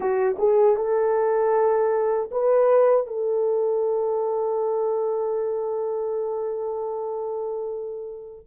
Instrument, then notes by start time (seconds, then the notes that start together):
horn
0.00 F#4
0.38 G#4
0.76 A4
2.31 B4
3.07 A4